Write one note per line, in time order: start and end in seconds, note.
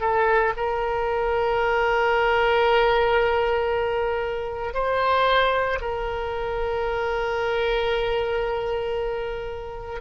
0.00 0.53 A4
0.56 4.74 A#4
4.74 5.79 C5
5.80 10.00 A#4